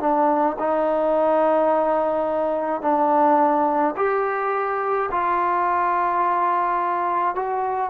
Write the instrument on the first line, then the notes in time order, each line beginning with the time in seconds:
trombone
0.00 D4
0.59 D#4
2.81 D4
3.96 G4
5.11 F4
7.35 F#4